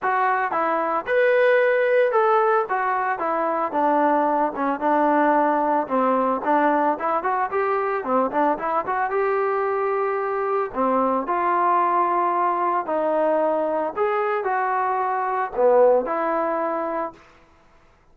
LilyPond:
\new Staff \with { instrumentName = "trombone" } { \time 4/4 \tempo 4 = 112 fis'4 e'4 b'2 | a'4 fis'4 e'4 d'4~ | d'8 cis'8 d'2 c'4 | d'4 e'8 fis'8 g'4 c'8 d'8 |
e'8 fis'8 g'2. | c'4 f'2. | dis'2 gis'4 fis'4~ | fis'4 b4 e'2 | }